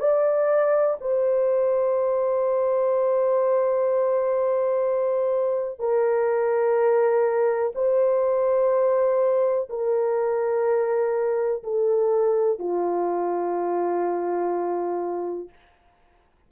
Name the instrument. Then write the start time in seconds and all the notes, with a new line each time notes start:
horn
0.00 D5
1.01 C5
5.80 A#4
7.76 C5
9.70 A#4
11.63 A4
12.59 F4